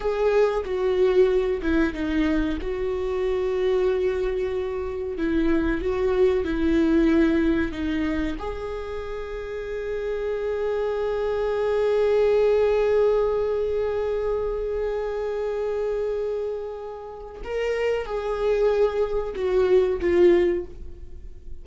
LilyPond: \new Staff \with { instrumentName = "viola" } { \time 4/4 \tempo 4 = 93 gis'4 fis'4. e'8 dis'4 | fis'1 | e'4 fis'4 e'2 | dis'4 gis'2.~ |
gis'1~ | gis'1~ | gis'2. ais'4 | gis'2 fis'4 f'4 | }